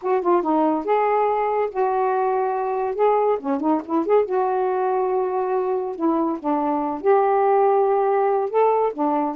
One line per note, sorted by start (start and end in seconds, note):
0.01 0.21 F#4
0.21 0.42 F4
0.42 0.84 D#4
0.84 1.69 G#4
1.70 2.95 F#4
2.95 3.38 G#4
3.39 3.60 C#4
3.60 3.81 D#4
3.84 4.05 E4
4.06 4.25 G#4
4.25 5.95 F#4
5.95 6.38 E4
6.39 7.01 D4
7.01 8.50 G4
8.50 8.92 A4
8.93 9.35 D4